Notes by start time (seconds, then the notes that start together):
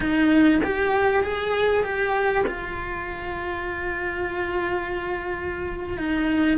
0.00 D#4
0.63 G4
1.23 G#4
1.83 G4
2.46 F4
5.97 D#4